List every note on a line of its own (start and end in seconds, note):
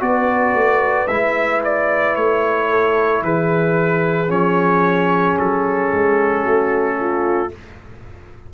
0.00 0.54 B3
0.00 1.07 F#4
0.00 2.69 B4
0.00 1.08 D5
0.54 1.08 A3
1.08 2.16 G#3
1.08 4.27 E4
1.08 1.61 E5
1.64 2.15 D5
2.15 3.23 A3
2.15 3.23 C#5
2.69 3.23 A4
3.23 4.30 E3
3.23 6.42 G#4
3.23 4.31 B4
4.27 5.37 F3
4.27 7.49 C#4
4.27 5.38 C#5
5.39 5.92 F#3
5.39 7.53 A4
5.93 6.45 G#3
6.42 7.52 A3
6.42 6.96 F#4
7.00 7.53 F4